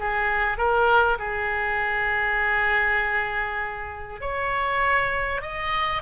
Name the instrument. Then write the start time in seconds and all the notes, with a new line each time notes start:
oboe
0.00 G#4
0.58 A#4
1.19 G#4
4.21 C#5
5.42 D#5